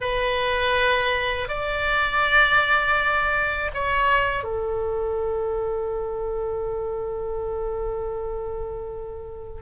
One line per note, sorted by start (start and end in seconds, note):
0.00 1.48 B4
1.48 3.70 D5
3.73 4.43 C#5
4.43 9.62 A4